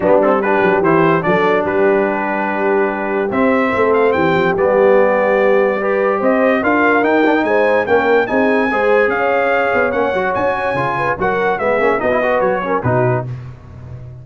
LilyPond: <<
  \new Staff \with { instrumentName = "trumpet" } { \time 4/4 \tempo 4 = 145 g'8 a'8 b'4 c''4 d''4 | b'1 | e''4. f''8 g''4 d''4~ | d''2. dis''4 |
f''4 g''4 gis''4 g''4 | gis''2 f''2 | fis''4 gis''2 fis''4 | e''4 dis''4 cis''4 b'4 | }
  \new Staff \with { instrumentName = "horn" } { \time 4/4 d'4 g'2 a'4 | g'1~ | g'4 a'4 g'2~ | g'2 b'4 c''4 |
ais'2 c''4 ais'4 | gis'4 c''4 cis''2~ | cis''2~ cis''8 b'8 ais'4 | gis'4 fis'8 b'4 ais'8 fis'4 | }
  \new Staff \with { instrumentName = "trombone" } { \time 4/4 b8 c'8 d'4 e'4 d'4~ | d'1 | c'2. b4~ | b2 g'2 |
f'4 dis'8 d'16 dis'4~ dis'16 cis'4 | dis'4 gis'2. | cis'8 fis'4. f'4 fis'4 | b8 cis'8 dis'16 e'16 fis'4 cis'8 dis'4 | }
  \new Staff \with { instrumentName = "tuba" } { \time 4/4 g4. fis8 e4 fis4 | g1 | c'4 a4 e8 f8 g4~ | g2. c'4 |
d'4 dis'4 gis4 ais4 | c'4 gis4 cis'4. b8 | ais8 fis8 cis'4 cis4 fis4 | gis8 ais8 b4 fis4 b,4 | }
>>